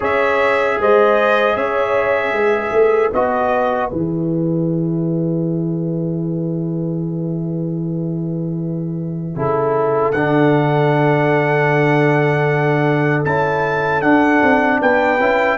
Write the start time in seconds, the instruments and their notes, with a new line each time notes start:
0.00 tuba C#4, trombone G#4, horn C#5, trumpet E5
0.78 tuba G#3, horn C5, trumpet D#5
1.56 tuba C#4, horn C#5, trumpet E5
2.32 tuba G#3, horn B4
2.72 tuba A3
3.13 tuba B3, trombone F#4, trumpet D#5
3.90 tuba E3, trombone G#4, trumpet E5
9.35 tuba C#3, trombone E4, horn A4
10.11 tuba D3, trombone D4, trumpet F#5
13.24 tuba C#4, trombone E4, trumpet A5
14.01 trombone D4, tuba D4, trumpet F#5
14.42 tuba C4
14.80 tuba B3, horn B4, trumpet G5
15.19 tuba C#4, trombone E4